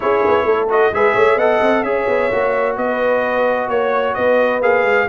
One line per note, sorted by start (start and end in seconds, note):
0.00 0.25 C#4
0.00 0.68 E4
0.00 0.44 G#4
0.00 0.68 C#5
0.27 0.45 B3
0.44 0.91 A3
0.44 0.90 A4
0.69 0.92 F#4
0.69 0.94 D#5
0.91 1.15 G#3
0.91 1.39 G#4
0.91 1.14 B4
0.91 1.38 E5
1.14 1.35 A3
1.14 1.36 C#5
1.35 1.59 B3
1.35 1.84 A4
1.35 1.82 D#5
1.35 1.83 F#5
1.62 1.82 C4
1.82 2.05 C#4
1.82 2.31 G#4
1.82 2.76 C#5
1.82 2.75 E5
2.07 2.30 B3
2.31 2.76 A#3
2.31 4.62 F#4
2.76 3.68 B3
2.76 3.68 B4
2.76 3.69 D#5
3.68 4.14 A#3
3.68 4.14 C#5
3.68 4.15 C#5
4.14 4.61 B3
4.14 5.07 B4
4.14 4.60 D#5
4.61 4.83 A#3
4.61 5.08 G#4
4.61 5.08 F5
4.83 5.06 G#3